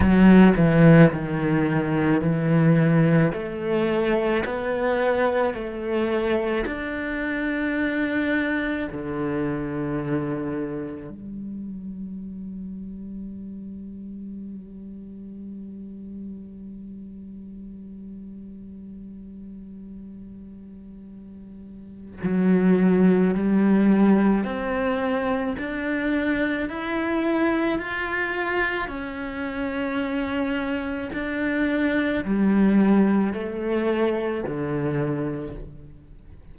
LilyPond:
\new Staff \with { instrumentName = "cello" } { \time 4/4 \tempo 4 = 54 fis8 e8 dis4 e4 a4 | b4 a4 d'2 | d2 g2~ | g1~ |
g1 | fis4 g4 c'4 d'4 | e'4 f'4 cis'2 | d'4 g4 a4 d4 | }